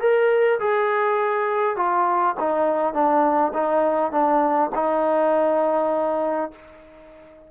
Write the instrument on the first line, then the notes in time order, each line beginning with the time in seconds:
trombone
0.00 A#4
0.59 G#4
1.76 F4
2.39 D#4
2.93 D4
3.53 D#4
4.12 D4
4.75 D#4